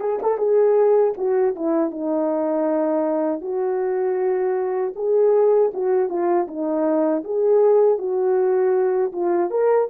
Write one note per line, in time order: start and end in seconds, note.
0.00 0.19 G#4
0.22 0.38 A4
0.38 1.14 G#4
1.17 1.55 F#4
1.55 1.91 E4
1.91 3.41 D#4
3.41 4.93 F#4
4.95 5.71 G#4
5.73 6.09 F#4
6.09 6.47 F4
6.48 7.24 D#4
7.24 7.98 G#4
7.98 9.12 F#4
9.12 9.50 F4
9.50 9.88 A#4